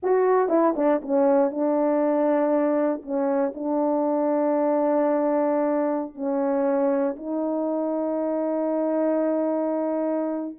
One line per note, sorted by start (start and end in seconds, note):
0.02 0.48 F#4
0.48 0.74 E4
0.76 1.01 D4
1.02 1.51 C#4
1.51 3.02 D4
3.02 3.52 C#4
3.54 6.14 D4
6.14 7.15 C#4
7.16 10.56 D#4